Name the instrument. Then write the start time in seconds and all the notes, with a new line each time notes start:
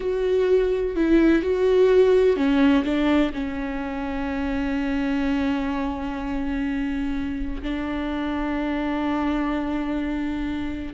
viola
0.00 F#4
0.95 E4
1.42 F#4
2.36 C#4
2.84 D4
3.33 C#4
7.62 D4